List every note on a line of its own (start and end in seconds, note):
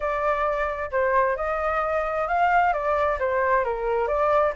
0.00 0.90 D5
0.91 1.36 C5
1.36 2.27 D#5
2.27 2.73 F5
2.73 3.18 D5
3.19 3.64 C5
3.64 4.07 A#4
4.07 4.53 D5